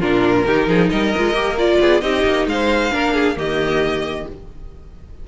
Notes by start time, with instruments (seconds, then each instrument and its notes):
0.00 cello A#2, viola D4, violin F4 A#4
0.47 cello D#3, viola D#4, violin G4
0.68 cello F3, violin G#4
0.89 cello G3, violin A#4 D#5
1.17 cello G#3, viola F4
1.33 cello A#3, viola G4
1.58 viola F4, violin D5
1.80 cello B3, violin G#4
2.01 cello C4, viola D#4, violin G4 D#5
2.24 cello A#3
2.46 cello G#3, violin C5 F5
2.91 cello A#3, viola D4, violin A#4
3.14 violin G#4
3.36 cello D#3, viola A#3, violin G4 D#5